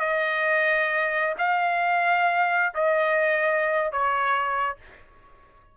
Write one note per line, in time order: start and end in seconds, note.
0.00 1.35 D#5
1.39 2.73 F5
2.75 3.92 D#5
3.92 4.77 C#5